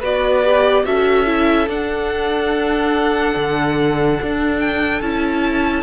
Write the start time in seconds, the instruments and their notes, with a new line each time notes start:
0.00 cello B3, viola F#4, violin B4 D5
0.45 viola G4
0.85 cello C#4, viola F#4, violin A4 E5
1.26 viola E4
1.68 cello D4, viola D4, violin F#5
3.36 cello D3
4.22 cello D4
4.60 violin G5
5.02 cello C#4, viola E4, violin A5